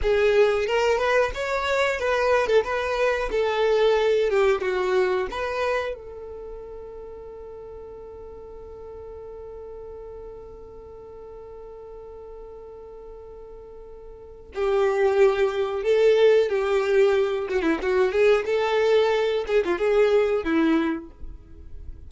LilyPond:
\new Staff \with { instrumentName = "violin" } { \time 4/4 \tempo 4 = 91 gis'4 ais'8 b'8 cis''4 b'8. a'16 | b'4 a'4. g'8 fis'4 | b'4 a'2.~ | a'1~ |
a'1~ | a'2 g'2 | a'4 g'4. fis'16 e'16 fis'8 gis'8 | a'4. gis'16 f'16 gis'4 e'4 | }